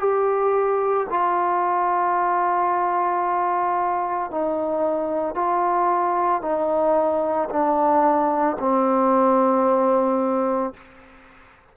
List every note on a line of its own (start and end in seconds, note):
0.00 1.07 G4
1.10 4.31 F4
4.31 5.35 D#4
5.35 6.42 F4
6.42 7.49 D#4
7.50 8.57 D4
8.60 10.74 C4